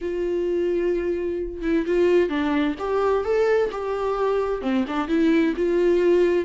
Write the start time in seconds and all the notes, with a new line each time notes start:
0.01 F4
1.62 E4
1.86 F4
2.29 D4
2.79 G4
3.24 A4
3.71 G4
4.61 C4
4.87 D4
5.07 E4
5.56 F4